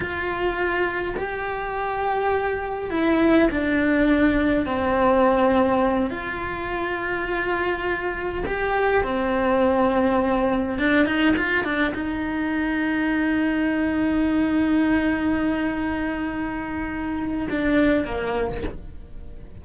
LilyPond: \new Staff \with { instrumentName = "cello" } { \time 4/4 \tempo 4 = 103 f'2 g'2~ | g'4 e'4 d'2 | c'2~ c'8 f'4.~ | f'2~ f'8 g'4 c'8~ |
c'2~ c'8 d'8 dis'8 f'8 | d'8 dis'2.~ dis'8~ | dis'1~ | dis'2 d'4 ais4 | }